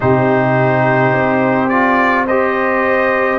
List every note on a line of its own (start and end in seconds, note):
0.00 1.12 C3
0.00 1.69 D#4
0.00 2.26 G4
0.00 1.68 C5
1.12 3.38 C4
1.68 2.27 F4
1.68 2.25 D5
2.26 3.39 G4
2.26 3.39 C5
2.26 3.39 D#5